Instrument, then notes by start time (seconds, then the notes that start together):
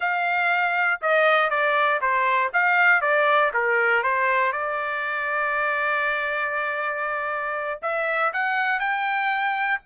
trumpet
0.00 F5
1.01 D#5
1.50 D5
2.01 C5
2.53 F5
3.01 D5
3.53 A#4
4.03 C5
4.52 D5
7.82 E5
8.33 F#5
8.79 G5